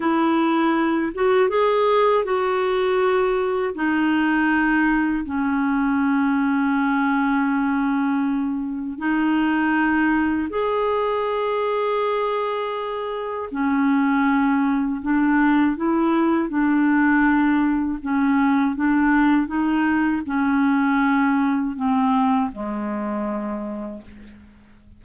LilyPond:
\new Staff \with { instrumentName = "clarinet" } { \time 4/4 \tempo 4 = 80 e'4. fis'8 gis'4 fis'4~ | fis'4 dis'2 cis'4~ | cis'1 | dis'2 gis'2~ |
gis'2 cis'2 | d'4 e'4 d'2 | cis'4 d'4 dis'4 cis'4~ | cis'4 c'4 gis2 | }